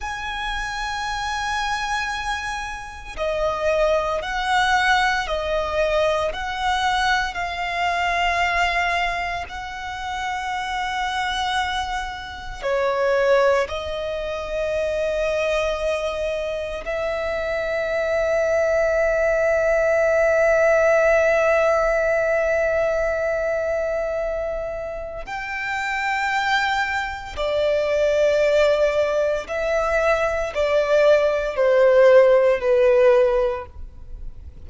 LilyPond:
\new Staff \with { instrumentName = "violin" } { \time 4/4 \tempo 4 = 57 gis''2. dis''4 | fis''4 dis''4 fis''4 f''4~ | f''4 fis''2. | cis''4 dis''2. |
e''1~ | e''1 | g''2 d''2 | e''4 d''4 c''4 b'4 | }